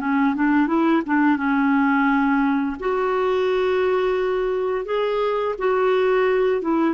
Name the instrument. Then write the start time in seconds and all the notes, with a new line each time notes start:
clarinet
0.00 C#4
0.36 D4
0.68 E4
1.06 D4
1.37 C#4
2.80 F#4
4.86 G#4
5.58 F#4
6.62 E4